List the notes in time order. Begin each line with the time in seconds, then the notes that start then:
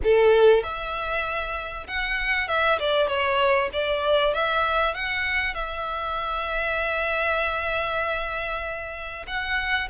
0.03 A4
0.63 E5
1.87 F#5
2.47 E5
2.79 D5
3.07 C#5
3.72 D5
4.34 E5
4.94 F#5
5.54 E5
9.27 F#5